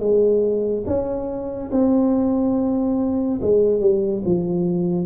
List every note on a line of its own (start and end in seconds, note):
0.00 0.85 G#3
0.87 1.71 C#4
1.72 3.41 C4
3.42 3.81 G#3
3.81 4.23 G3
4.26 5.07 F3